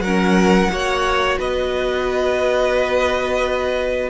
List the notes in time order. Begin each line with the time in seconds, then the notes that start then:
0.00 F#3 C#4 A#4 F#5
0.70 A#3 F#4 C#5
1.38 B3 B4 D#5